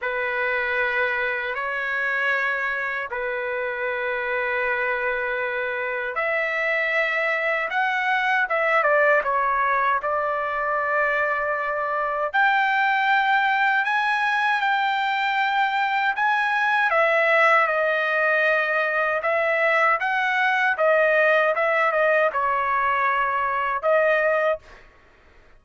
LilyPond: \new Staff \with { instrumentName = "trumpet" } { \time 4/4 \tempo 4 = 78 b'2 cis''2 | b'1 | e''2 fis''4 e''8 d''8 | cis''4 d''2. |
g''2 gis''4 g''4~ | g''4 gis''4 e''4 dis''4~ | dis''4 e''4 fis''4 dis''4 | e''8 dis''8 cis''2 dis''4 | }